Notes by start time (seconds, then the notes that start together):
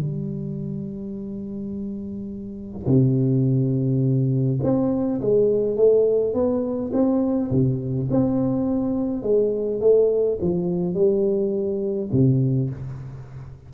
0.00 G3
2.87 C3
4.63 C4
5.22 G#3
5.77 A3
6.34 B3
6.93 C4
7.52 C3
8.11 C4
9.23 G#3
9.81 A3
10.42 F3
10.95 G3
12.13 C3